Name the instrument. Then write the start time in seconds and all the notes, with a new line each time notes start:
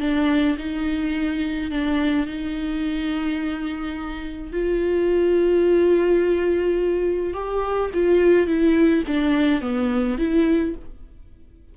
viola
0.00 D4
0.58 D#4
1.71 D4
2.26 D#4
4.52 F4
7.34 G4
7.93 F4
8.47 E4
9.07 D4
9.61 B3
10.18 E4